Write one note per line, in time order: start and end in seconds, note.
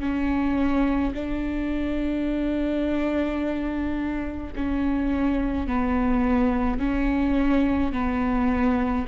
0.00 1.13 C#4
1.14 4.53 D4
4.55 5.67 C#4
5.67 6.79 B3
6.79 7.92 C#4
7.92 9.06 B3